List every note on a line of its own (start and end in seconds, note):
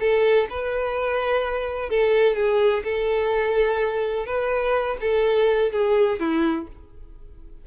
0.00 0.48 A4
0.50 1.90 B4
1.90 2.36 A4
2.36 2.84 G#4
2.84 4.26 A4
4.26 4.97 B4
5.01 5.73 A4
5.73 6.20 G#4
6.20 6.68 E4